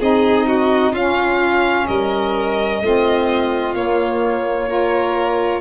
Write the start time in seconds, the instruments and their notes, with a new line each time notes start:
0.00 tuba C4, saxophone D#4, violin G#4 D#5
0.47 violin F#4
0.93 tuba C#4, saxophone C#4, violin F4 F5
1.88 tuba G3, violin A#4 D#5
2.81 tuba A3, saxophone C4, violin F4
3.75 tuba A#3, saxophone A#3, violin C#5
4.68 saxophone F4, violin A#4